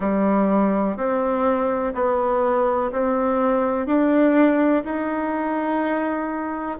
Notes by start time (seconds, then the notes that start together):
0.00 G3
0.97 C4
1.94 B3
2.92 C4
3.86 D4
4.84 D#4